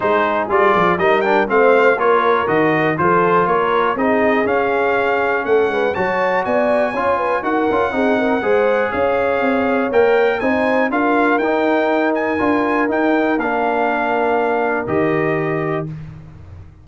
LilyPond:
<<
  \new Staff \with { instrumentName = "trumpet" } { \time 4/4 \tempo 4 = 121 c''4 d''4 dis''8 g''8 f''4 | cis''4 dis''4 c''4 cis''4 | dis''4 f''2 fis''4 | a''4 gis''2 fis''4~ |
fis''2 f''2 | g''4 gis''4 f''4 g''4~ | g''8 gis''4. g''4 f''4~ | f''2 dis''2 | }
  \new Staff \with { instrumentName = "horn" } { \time 4/4 gis'2 ais'4 c''4 | ais'2 a'4 ais'4 | gis'2. a'8 b'8 | cis''4 d''4 cis''8 b'8 ais'4 |
gis'8 ais'8 c''4 cis''2~ | cis''4 c''4 ais'2~ | ais'1~ | ais'1 | }
  \new Staff \with { instrumentName = "trombone" } { \time 4/4 dis'4 f'4 dis'8 d'8 c'4 | f'4 fis'4 f'2 | dis'4 cis'2. | fis'2 f'4 fis'8 f'8 |
dis'4 gis'2. | ais'4 dis'4 f'4 dis'4~ | dis'4 f'4 dis'4 d'4~ | d'2 g'2 | }
  \new Staff \with { instrumentName = "tuba" } { \time 4/4 gis4 g8 f8 g4 a4 | ais4 dis4 f4 ais4 | c'4 cis'2 a8 gis8 | fis4 b4 cis'4 dis'8 cis'8 |
c'4 gis4 cis'4 c'4 | ais4 c'4 d'4 dis'4~ | dis'4 d'4 dis'4 ais4~ | ais2 dis2 | }
>>